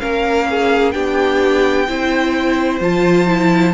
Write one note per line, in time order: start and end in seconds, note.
0.00 0.95 A#3
0.00 0.93 C#4
0.00 0.48 A#4
0.00 0.92 F5
0.51 0.94 G#4
0.92 1.88 B3
0.92 1.87 D4
0.92 1.88 G4
0.92 2.79 G5
1.88 2.81 C4
1.88 2.81 E4
1.88 3.74 C5
2.81 3.74 F3
2.81 3.27 F4
2.81 3.74 A5
3.27 3.74 E4